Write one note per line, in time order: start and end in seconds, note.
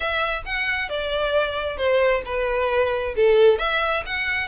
0.00 0.43 E5
0.45 0.89 F#5
0.89 1.77 D5
1.77 2.22 C5
2.25 3.14 B4
3.16 3.58 A4
3.58 4.03 E5
4.06 4.48 F#5